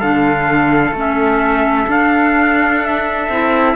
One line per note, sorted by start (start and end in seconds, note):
0.00 0.92 D3
0.00 0.95 D4
0.00 3.75 A4
0.00 0.95 F5
0.92 1.86 A3
0.92 1.87 C#4
1.00 1.91 E5
1.87 3.28 D4
1.87 2.85 F5
2.85 3.76 E5
3.29 3.75 C4
3.29 3.76 E4